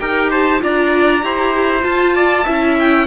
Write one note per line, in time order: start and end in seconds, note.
0.00 0.62 D#4
0.00 0.60 G4
0.00 0.31 A#4
0.00 0.31 G5
0.31 0.61 C5
0.31 0.62 A5
0.60 1.23 D4
0.60 1.21 F4
0.60 1.25 D5
0.60 1.84 A#5
1.22 1.84 E4
1.22 1.80 G4
1.22 2.16 C5
1.80 2.42 F4
1.80 2.46 F4
1.80 2.76 A5
2.16 2.44 D5
2.44 3.07 C#4
2.44 3.07 E4
2.44 3.05 E5
2.79 3.07 G5